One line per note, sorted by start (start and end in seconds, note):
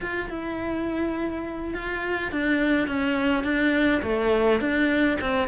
0.00 0.29 F4
0.29 1.73 E4
1.74 2.31 F4
2.31 2.87 D4
2.87 3.43 C#4
3.43 4.01 D4
4.02 4.60 A3
4.60 5.18 D4
5.20 5.48 C4